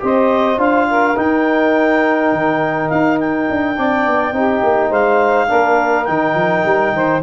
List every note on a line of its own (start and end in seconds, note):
0.00 0.57 C4
0.00 0.57 G4
0.00 0.88 C5
0.00 0.60 D#5
0.57 1.15 D4
0.57 1.15 F4
0.57 1.17 F5
0.88 3.77 A#4
1.16 3.75 D#4
1.16 2.33 D#4
1.16 2.89 G5
2.33 2.90 D#3
2.89 3.49 D#4
2.89 3.18 F5
3.20 4.92 G5
3.50 3.78 D4
3.75 4.06 C4
3.75 4.33 D4
3.75 4.35 D5
4.06 4.32 B3
4.32 4.61 C4
4.32 5.48 D#4
4.32 4.89 G4
4.63 4.91 A#3
4.89 5.48 G#3
4.89 5.47 C5
4.89 6.05 F5
5.48 6.08 A#3
5.48 6.06 D4
5.48 6.93 A#4
6.05 6.35 D#3
6.05 7.21 D#4
6.05 7.20 G5
6.35 6.63 F3
6.65 6.93 G3
6.93 7.22 D#3
6.93 7.23 C5